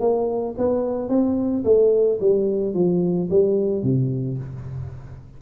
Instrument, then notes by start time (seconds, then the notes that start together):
tuba
0.00 A#3
0.58 B3
1.09 C4
1.65 A3
2.21 G3
2.74 F3
3.30 G3
3.83 C3